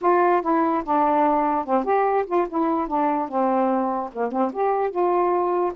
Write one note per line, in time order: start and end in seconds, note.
0.01 0.41 F4
0.41 0.83 E4
0.84 1.65 D4
1.65 1.84 C4
1.84 2.25 G4
2.26 2.47 F4
2.49 2.87 E4
2.87 3.28 D4
3.28 4.10 C4
4.12 4.31 A#3
4.31 4.52 C4
4.52 4.90 G4
4.90 5.72 F4